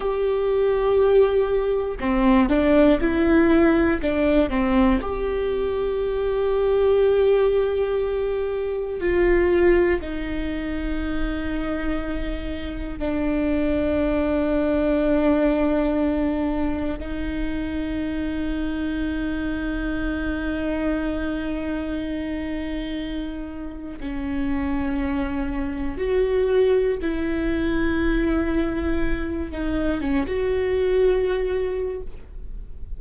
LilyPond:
\new Staff \with { instrumentName = "viola" } { \time 4/4 \tempo 4 = 60 g'2 c'8 d'8 e'4 | d'8 c'8 g'2.~ | g'4 f'4 dis'2~ | dis'4 d'2.~ |
d'4 dis'2.~ | dis'1 | cis'2 fis'4 e'4~ | e'4. dis'8 cis'16 fis'4.~ fis'16 | }